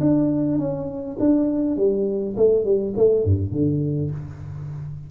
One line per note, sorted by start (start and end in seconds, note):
0.00 0.58 D4
0.58 1.17 C#4
1.19 1.76 D4
1.76 2.35 G3
2.36 2.64 A3
2.64 2.94 G3
2.96 3.24 A3
3.24 3.51 G2
3.51 4.10 D3